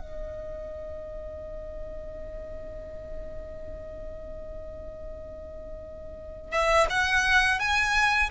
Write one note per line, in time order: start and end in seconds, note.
0.00 6.52 D#5
6.52 6.87 E5
6.90 7.59 F#5
7.59 8.30 G#5